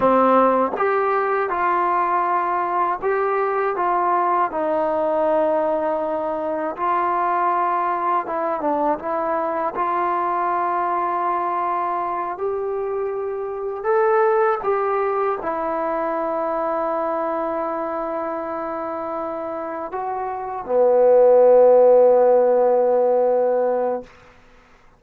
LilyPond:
\new Staff \with { instrumentName = "trombone" } { \time 4/4 \tempo 4 = 80 c'4 g'4 f'2 | g'4 f'4 dis'2~ | dis'4 f'2 e'8 d'8 | e'4 f'2.~ |
f'8 g'2 a'4 g'8~ | g'8 e'2.~ e'8~ | e'2~ e'8 fis'4 b8~ | b1 | }